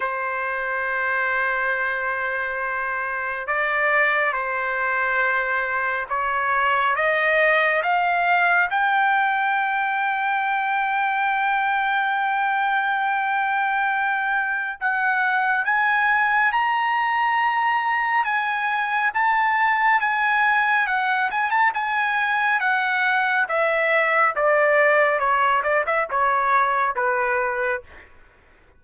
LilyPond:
\new Staff \with { instrumentName = "trumpet" } { \time 4/4 \tempo 4 = 69 c''1 | d''4 c''2 cis''4 | dis''4 f''4 g''2~ | g''1~ |
g''4 fis''4 gis''4 ais''4~ | ais''4 gis''4 a''4 gis''4 | fis''8 gis''16 a''16 gis''4 fis''4 e''4 | d''4 cis''8 d''16 e''16 cis''4 b'4 | }